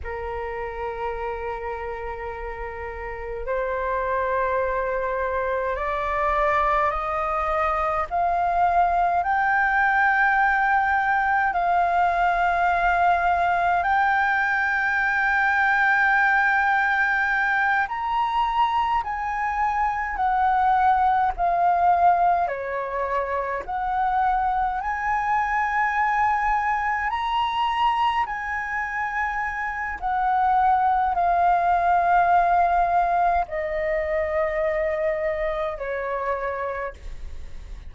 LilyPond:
\new Staff \with { instrumentName = "flute" } { \time 4/4 \tempo 4 = 52 ais'2. c''4~ | c''4 d''4 dis''4 f''4 | g''2 f''2 | g''2.~ g''8 ais''8~ |
ais''8 gis''4 fis''4 f''4 cis''8~ | cis''8 fis''4 gis''2 ais''8~ | ais''8 gis''4. fis''4 f''4~ | f''4 dis''2 cis''4 | }